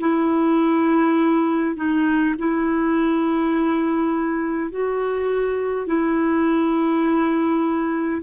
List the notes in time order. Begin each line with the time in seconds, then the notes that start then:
0.00 E4
1.76 D#4
2.39 E4
4.71 F#4
5.87 E4